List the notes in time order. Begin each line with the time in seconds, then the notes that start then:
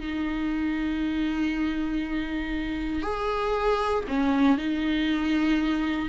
0.00 D#4
3.03 G#4
4.08 C#4
4.58 D#4